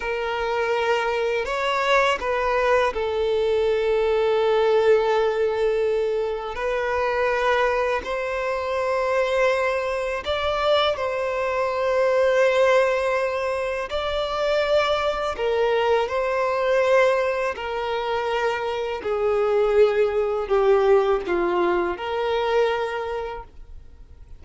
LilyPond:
\new Staff \with { instrumentName = "violin" } { \time 4/4 \tempo 4 = 82 ais'2 cis''4 b'4 | a'1~ | a'4 b'2 c''4~ | c''2 d''4 c''4~ |
c''2. d''4~ | d''4 ais'4 c''2 | ais'2 gis'2 | g'4 f'4 ais'2 | }